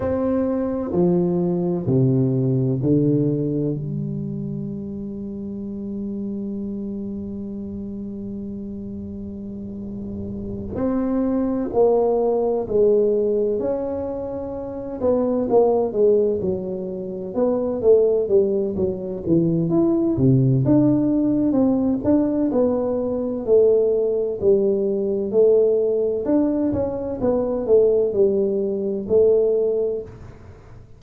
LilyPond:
\new Staff \with { instrumentName = "tuba" } { \time 4/4 \tempo 4 = 64 c'4 f4 c4 d4 | g1~ | g2.~ g8 c'8~ | c'8 ais4 gis4 cis'4. |
b8 ais8 gis8 fis4 b8 a8 g8 | fis8 e8 e'8 c8 d'4 c'8 d'8 | b4 a4 g4 a4 | d'8 cis'8 b8 a8 g4 a4 | }